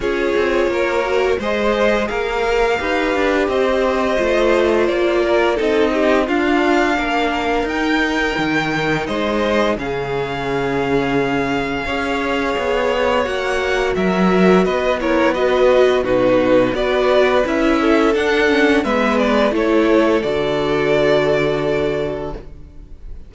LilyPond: <<
  \new Staff \with { instrumentName = "violin" } { \time 4/4 \tempo 4 = 86 cis''2 dis''4 f''4~ | f''4 dis''2 d''4 | dis''4 f''2 g''4~ | g''4 dis''4 f''2~ |
f''2. fis''4 | e''4 dis''8 cis''8 dis''4 b'4 | d''4 e''4 fis''4 e''8 d''8 | cis''4 d''2. | }
  \new Staff \with { instrumentName = "violin" } { \time 4/4 gis'4 ais'4 c''4 ais'4 | b'4 c''2~ c''8 ais'8 | a'8 g'8 f'4 ais'2~ | ais'4 c''4 gis'2~ |
gis'4 cis''2. | ais'4 b'8 ais'8 b'4 fis'4 | b'4. a'4. b'4 | a'1 | }
  \new Staff \with { instrumentName = "viola" } { \time 4/4 f'4. fis'8 gis'2 | g'2 f'2 | dis'4 d'2 dis'4~ | dis'2 cis'2~ |
cis'4 gis'2 fis'4~ | fis'4. e'8 fis'4 dis'4 | fis'4 e'4 d'8 cis'8 b4 | e'4 fis'2. | }
  \new Staff \with { instrumentName = "cello" } { \time 4/4 cis'8 c'8 ais4 gis4 ais4 | dis'8 d'8 c'4 a4 ais4 | c'4 d'4 ais4 dis'4 | dis4 gis4 cis2~ |
cis4 cis'4 b4 ais4 | fis4 b2 b,4 | b4 cis'4 d'4 gis4 | a4 d2. | }
>>